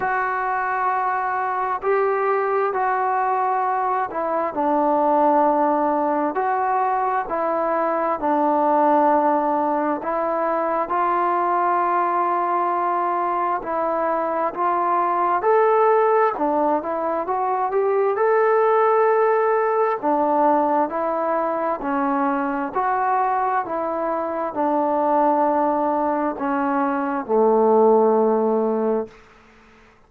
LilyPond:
\new Staff \with { instrumentName = "trombone" } { \time 4/4 \tempo 4 = 66 fis'2 g'4 fis'4~ | fis'8 e'8 d'2 fis'4 | e'4 d'2 e'4 | f'2. e'4 |
f'4 a'4 d'8 e'8 fis'8 g'8 | a'2 d'4 e'4 | cis'4 fis'4 e'4 d'4~ | d'4 cis'4 a2 | }